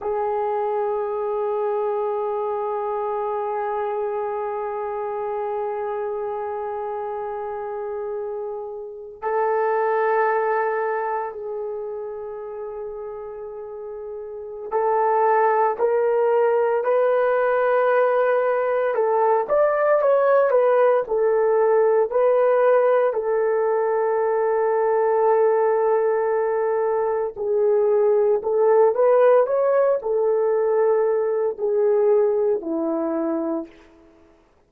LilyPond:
\new Staff \with { instrumentName = "horn" } { \time 4/4 \tempo 4 = 57 gis'1~ | gis'1~ | gis'8. a'2 gis'4~ gis'16~ | gis'2 a'4 ais'4 |
b'2 a'8 d''8 cis''8 b'8 | a'4 b'4 a'2~ | a'2 gis'4 a'8 b'8 | cis''8 a'4. gis'4 e'4 | }